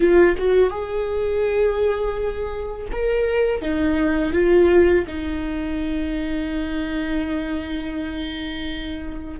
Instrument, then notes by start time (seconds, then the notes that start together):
viola
0.00 F4
0.37 F#4
0.70 G#4
2.91 A#4
3.61 D#4
4.32 F4
5.07 D#4